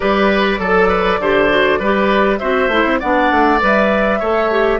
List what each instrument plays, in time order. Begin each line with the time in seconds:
0.00 bassoon G3, clarinet G4, oboe B4, flute D5
0.59 bassoon F#3, oboe A4, clarinet A4
0.88 oboe B4
1.19 bassoon D3, clarinet G4, oboe C5
1.49 clarinet F#4
1.79 bassoon G3, clarinet G4, oboe B4
2.38 bassoon C4, clarinet F#4, oboe C5, flute E5
2.68 bassoon A3, clarinet E4
2.85 bassoon C4
2.99 bassoon B3, clarinet D4, oboe D5, flute F#5
3.30 bassoon A3
3.60 bassoon G3, clarinet B4, flute E5
4.19 bassoon A3, clarinet A4, oboe C#5
4.50 clarinet G4